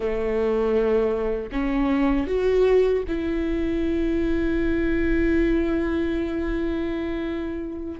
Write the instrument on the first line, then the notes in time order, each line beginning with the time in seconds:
viola
0.00 A3
1.52 C#4
2.27 F#4
3.08 E4